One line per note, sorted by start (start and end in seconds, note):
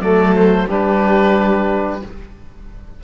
0.00 0.67 F#3
0.00 0.68 A3
0.00 0.68 A4
0.00 0.35 D5
0.35 0.68 C5
0.68 2.02 G3
0.68 2.02 D4
0.68 2.01 G4
0.68 2.04 B4